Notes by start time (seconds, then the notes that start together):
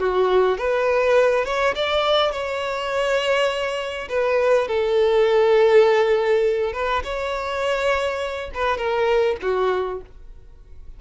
0.00 F#4
0.58 B4
1.45 C#5
1.76 D5
2.32 C#5
4.09 B4
4.68 A4
6.74 B4
7.04 C#5
8.55 B4
8.78 A#4
9.42 F#4